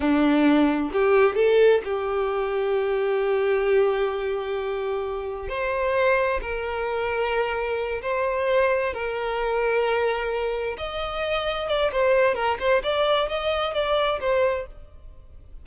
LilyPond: \new Staff \with { instrumentName = "violin" } { \time 4/4 \tempo 4 = 131 d'2 g'4 a'4 | g'1~ | g'1 | c''2 ais'2~ |
ais'4. c''2 ais'8~ | ais'2.~ ais'8 dis''8~ | dis''4. d''8 c''4 ais'8 c''8 | d''4 dis''4 d''4 c''4 | }